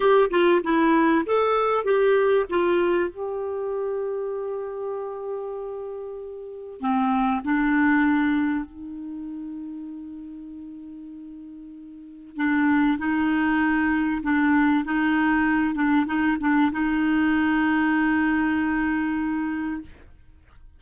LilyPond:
\new Staff \with { instrumentName = "clarinet" } { \time 4/4 \tempo 4 = 97 g'8 f'8 e'4 a'4 g'4 | f'4 g'2.~ | g'2. c'4 | d'2 dis'2~ |
dis'1 | d'4 dis'2 d'4 | dis'4. d'8 dis'8 d'8 dis'4~ | dis'1 | }